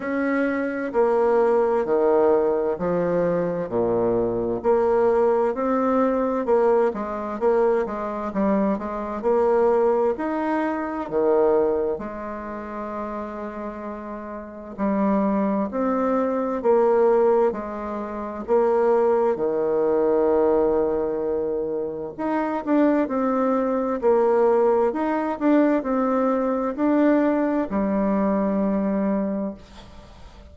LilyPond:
\new Staff \with { instrumentName = "bassoon" } { \time 4/4 \tempo 4 = 65 cis'4 ais4 dis4 f4 | ais,4 ais4 c'4 ais8 gis8 | ais8 gis8 g8 gis8 ais4 dis'4 | dis4 gis2. |
g4 c'4 ais4 gis4 | ais4 dis2. | dis'8 d'8 c'4 ais4 dis'8 d'8 | c'4 d'4 g2 | }